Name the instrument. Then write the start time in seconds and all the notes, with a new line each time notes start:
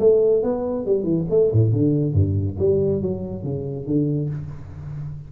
tuba
0.00 A3
0.43 B3
0.86 G3
1.03 E3
1.30 A3
1.52 A2
1.72 D3
2.13 G2
2.59 G3
3.02 F#3
3.43 C#3
3.86 D3